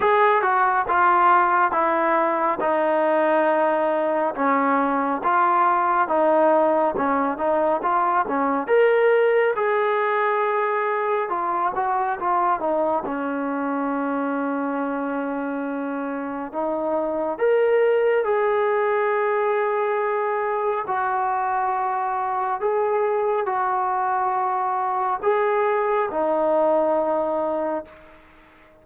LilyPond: \new Staff \with { instrumentName = "trombone" } { \time 4/4 \tempo 4 = 69 gis'8 fis'8 f'4 e'4 dis'4~ | dis'4 cis'4 f'4 dis'4 | cis'8 dis'8 f'8 cis'8 ais'4 gis'4~ | gis'4 f'8 fis'8 f'8 dis'8 cis'4~ |
cis'2. dis'4 | ais'4 gis'2. | fis'2 gis'4 fis'4~ | fis'4 gis'4 dis'2 | }